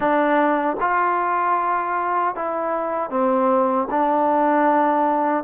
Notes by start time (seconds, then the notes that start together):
0.00 D4
0.80 F4
2.35 E4
3.10 C4
3.90 D4